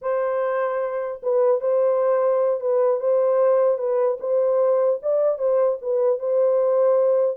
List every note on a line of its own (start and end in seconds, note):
0.01 1.21 C5
1.22 1.60 B4
1.60 2.60 C5
2.60 3.00 B4
3.00 3.77 C5
3.77 4.17 B4
4.20 5.00 C5
5.02 5.38 D5
5.38 5.78 C5
5.81 6.19 B4
6.19 7.37 C5